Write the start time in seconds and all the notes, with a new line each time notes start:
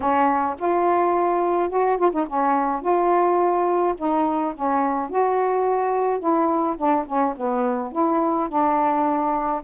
0.00 C#4
0.58 F4
1.69 F#4
1.97 F4
2.11 D#4
2.27 C#4
2.81 F4
3.97 D#4
4.54 C#4
5.09 F#4
6.19 E4
6.77 D4
7.06 C#4
7.37 B3
7.92 E4
8.49 D4